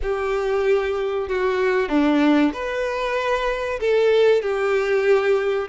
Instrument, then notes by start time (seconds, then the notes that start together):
violin
0.02 G4
1.28 F#4
1.89 D4
2.53 B4
3.80 A4
4.42 G4